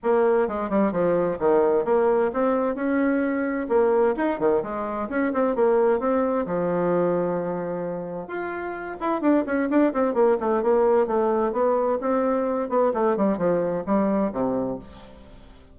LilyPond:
\new Staff \with { instrumentName = "bassoon" } { \time 4/4 \tempo 4 = 130 ais4 gis8 g8 f4 dis4 | ais4 c'4 cis'2 | ais4 dis'8 dis8 gis4 cis'8 c'8 | ais4 c'4 f2~ |
f2 f'4. e'8 | d'8 cis'8 d'8 c'8 ais8 a8 ais4 | a4 b4 c'4. b8 | a8 g8 f4 g4 c4 | }